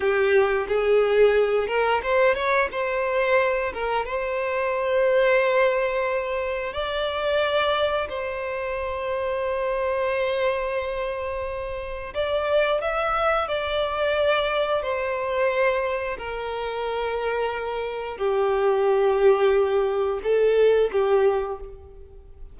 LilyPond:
\new Staff \with { instrumentName = "violin" } { \time 4/4 \tempo 4 = 89 g'4 gis'4. ais'8 c''8 cis''8 | c''4. ais'8 c''2~ | c''2 d''2 | c''1~ |
c''2 d''4 e''4 | d''2 c''2 | ais'2. g'4~ | g'2 a'4 g'4 | }